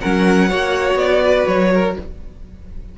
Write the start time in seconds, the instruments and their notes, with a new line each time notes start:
0.00 cello F#3, viola C#4, violin A#4 F#5
0.48 cello A#3, viola F#4, violin C#5
0.94 cello B3, violin D5
1.23 violin B4
1.47 cello F#3, violin C#5
1.73 violin A#4